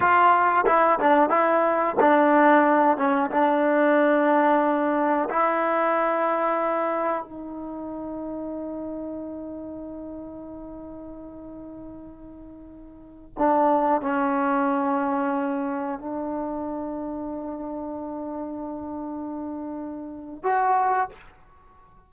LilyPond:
\new Staff \with { instrumentName = "trombone" } { \time 4/4 \tempo 4 = 91 f'4 e'8 d'8 e'4 d'4~ | d'8 cis'8 d'2. | e'2. dis'4~ | dis'1~ |
dis'1~ | dis'16 d'4 cis'2~ cis'8.~ | cis'16 d'2.~ d'8.~ | d'2. fis'4 | }